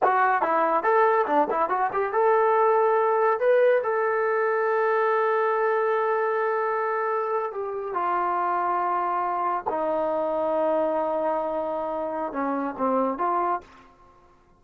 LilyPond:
\new Staff \with { instrumentName = "trombone" } { \time 4/4 \tempo 4 = 141 fis'4 e'4 a'4 d'8 e'8 | fis'8 g'8 a'2. | b'4 a'2.~ | a'1~ |
a'4.~ a'16 g'4 f'4~ f'16~ | f'2~ f'8. dis'4~ dis'16~ | dis'1~ | dis'4 cis'4 c'4 f'4 | }